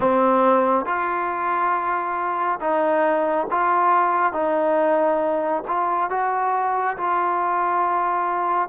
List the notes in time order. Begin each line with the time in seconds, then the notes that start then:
0.00 C4
0.85 F4
2.60 D#4
3.50 F4
4.32 D#4
5.67 F4
6.09 F#4
6.97 F4